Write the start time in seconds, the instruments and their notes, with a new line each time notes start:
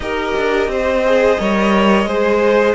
0.00 cello D#4, viola G4, violin A#4 D#5
0.37 cello D4
0.67 cello C4, violin C5
1.05 viola G#4
1.39 cello G3, viola A#4, violin C#5
2.05 cello G#3, viola G#4, violin C5